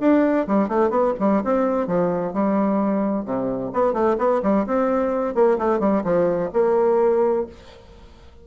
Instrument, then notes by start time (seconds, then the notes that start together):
bassoon
0.00 D4
0.47 G3
0.68 A3
0.90 B3
1.19 G3
1.44 C4
1.87 F3
2.33 G3
3.25 C3
3.73 B3
3.93 A3
4.18 B3
4.43 G3
4.66 C4
5.34 A#3
5.58 A3
5.79 G3
6.04 F3
6.53 A#3